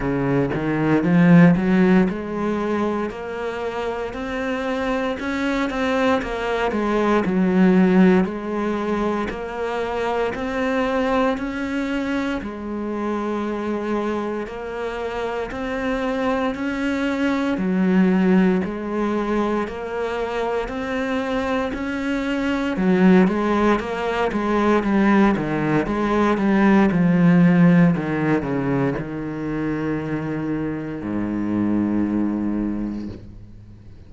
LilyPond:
\new Staff \with { instrumentName = "cello" } { \time 4/4 \tempo 4 = 58 cis8 dis8 f8 fis8 gis4 ais4 | c'4 cis'8 c'8 ais8 gis8 fis4 | gis4 ais4 c'4 cis'4 | gis2 ais4 c'4 |
cis'4 fis4 gis4 ais4 | c'4 cis'4 fis8 gis8 ais8 gis8 | g8 dis8 gis8 g8 f4 dis8 cis8 | dis2 gis,2 | }